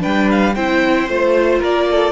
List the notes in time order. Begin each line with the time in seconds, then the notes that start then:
0.00 G3 D4 B4 G5
0.32 F5
0.55 C4 E4 C5 G5
1.09 A3 F4 C5
1.60 A#3 A#4 D5
1.92 A4